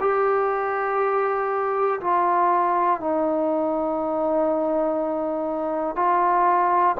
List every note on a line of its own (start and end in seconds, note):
0.00 2.00 G4
2.00 3.00 F4
3.00 5.96 D#4
5.96 6.96 F4